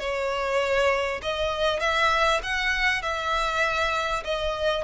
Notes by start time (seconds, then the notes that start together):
0.00 C#5
1.22 D#5
1.80 E5
2.43 F#5
3.02 E5
4.25 D#5